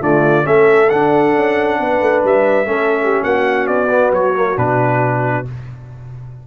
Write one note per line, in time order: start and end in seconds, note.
0.00 0.44 D3
0.00 0.43 A3
0.00 0.45 F4
0.00 0.46 D5
0.43 0.91 A3
0.43 0.87 C#4
0.43 1.78 A4
0.43 0.89 E5
0.89 2.65 D4
0.89 1.35 D4
0.89 2.22 F#5
1.35 1.79 C#4
1.79 2.00 B3
1.79 2.69 B4
2.00 2.22 A3
2.23 2.65 G3
2.23 3.23 E5
2.65 3.21 A3
2.65 3.87 C#4
2.65 3.02 A4
3.03 3.24 G4
3.23 3.68 A#3
3.23 5.46 F#4
3.23 3.66 F#5
3.66 4.11 B3
3.66 4.11 D5
3.89 4.34 B3
4.11 4.56 F#3
4.11 4.57 C#5
4.34 4.56 A#3
4.56 5.45 B2
4.56 5.45 D4
4.56 5.46 B4